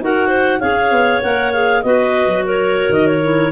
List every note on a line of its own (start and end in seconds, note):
0.00 0.61 D#4
0.00 0.60 F#4
0.00 0.27 A#4
0.00 0.60 F#5
0.27 0.58 C5
0.60 0.91 C#4
0.60 1.21 G#4
0.60 1.83 C#5
0.60 1.21 F5
0.91 1.22 B3
1.21 1.84 A#3
1.21 1.52 A#4
1.21 1.52 F#5
1.52 1.84 G#4
1.52 1.82 F5
1.82 2.27 B3
1.82 3.22 F#4
1.82 2.45 B4
1.82 2.44 D#5
2.27 2.88 F#3
2.45 3.52 A#4
2.45 2.92 C#5
2.89 3.50 D#3
2.89 3.07 D#5
3.07 3.52 C#5
3.22 3.52 E4